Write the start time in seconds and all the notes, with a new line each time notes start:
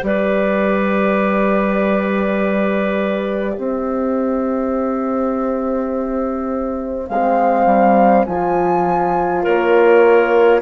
0.00 G3 G4 B4 D5
3.54 C4 C5 E5
7.07 G#3 C4 F5
7.66 G3
8.25 F3 F4 G#5
9.42 A#3 A#4 C#5